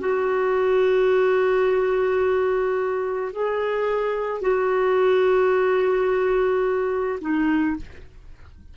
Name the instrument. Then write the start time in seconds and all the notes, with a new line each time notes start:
clarinet
0.00 F#4
3.33 G#4
4.41 F#4
7.21 D#4